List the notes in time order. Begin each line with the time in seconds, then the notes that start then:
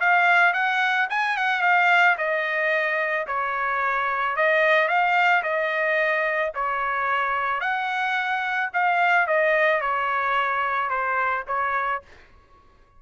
0.00 F5
0.53 F#5
1.10 G#5
1.37 F#5
1.61 F5
2.17 D#5
3.27 C#5
4.36 D#5
4.88 F5
5.43 D#5
6.54 C#5
7.60 F#5
8.73 F5
9.27 D#5
9.81 C#5
10.89 C5
11.47 C#5